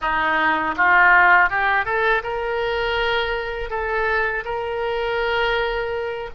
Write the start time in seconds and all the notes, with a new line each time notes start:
0.01 D#4
0.76 F4
1.49 G4
1.85 A4
2.23 A#4
3.70 A4
4.44 A#4